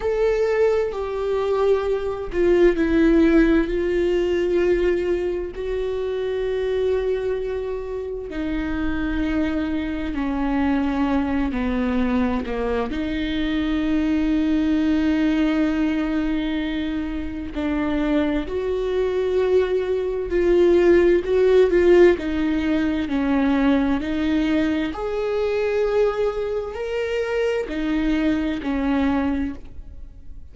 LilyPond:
\new Staff \with { instrumentName = "viola" } { \time 4/4 \tempo 4 = 65 a'4 g'4. f'8 e'4 | f'2 fis'2~ | fis'4 dis'2 cis'4~ | cis'8 b4 ais8 dis'2~ |
dis'2. d'4 | fis'2 f'4 fis'8 f'8 | dis'4 cis'4 dis'4 gis'4~ | gis'4 ais'4 dis'4 cis'4 | }